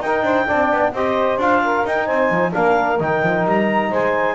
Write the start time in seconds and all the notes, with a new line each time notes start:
0.00 D#4 A#4 G5
0.22 D4 C5
0.46 C4 D4 D5
0.71 B3
0.92 C4 G4 C5 D#5
1.37 D4 F4 F5
1.62 A#4
1.85 D#4 G5
2.05 C4 C5 G#5
2.30 F3
2.52 A#3 D4 A#4 F5
2.99 D#3 D#4 G5
3.22 F3
3.45 G3 A#5
3.90 G#3 C5 G#5